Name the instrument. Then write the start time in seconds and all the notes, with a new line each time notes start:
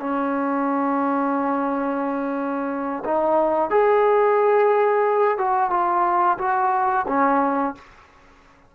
trombone
0.00 C#4
3.05 D#4
3.70 G#4
5.38 F#4
5.70 F4
6.38 F#4
7.08 C#4